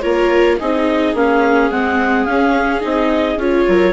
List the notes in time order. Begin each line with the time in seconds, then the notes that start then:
0.00 A#3 F4 A#4 C#5
0.59 C4 D#4 G#4 D#5
1.14 A#3 C#4 F5
1.71 G#3 C4 F#5
2.25 C#4 F5
2.81 C4 D#4 D#5
3.36 C#4 F4 C#5
3.68 F#3 A#4